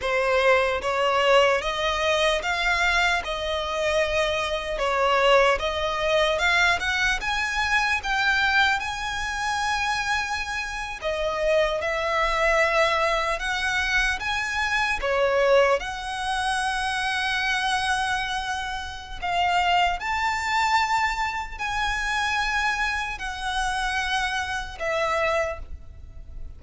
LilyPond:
\new Staff \with { instrumentName = "violin" } { \time 4/4 \tempo 4 = 75 c''4 cis''4 dis''4 f''4 | dis''2 cis''4 dis''4 | f''8 fis''8 gis''4 g''4 gis''4~ | gis''4.~ gis''16 dis''4 e''4~ e''16~ |
e''8. fis''4 gis''4 cis''4 fis''16~ | fis''1 | f''4 a''2 gis''4~ | gis''4 fis''2 e''4 | }